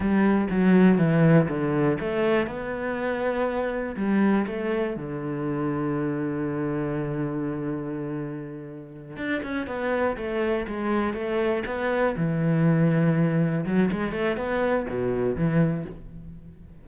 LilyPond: \new Staff \with { instrumentName = "cello" } { \time 4/4 \tempo 4 = 121 g4 fis4 e4 d4 | a4 b2. | g4 a4 d2~ | d1~ |
d2~ d8 d'8 cis'8 b8~ | b8 a4 gis4 a4 b8~ | b8 e2. fis8 | gis8 a8 b4 b,4 e4 | }